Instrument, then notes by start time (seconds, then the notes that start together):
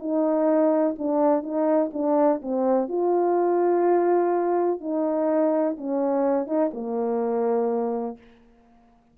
horn
0.00 D#4
0.99 D4
1.43 D#4
1.94 D4
2.42 C4
2.89 F4
4.81 D#4
5.78 C#4
6.47 D#4
6.74 A#3